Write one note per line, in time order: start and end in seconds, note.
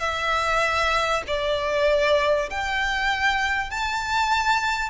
0.00 1.22 E5
1.27 2.50 D5
2.50 3.70 G5
3.70 4.90 A5